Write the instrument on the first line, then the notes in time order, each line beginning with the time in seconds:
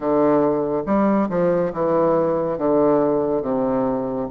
bassoon
0.00 D3
0.86 G3
1.29 F3
1.73 E3
2.58 D3
3.42 C3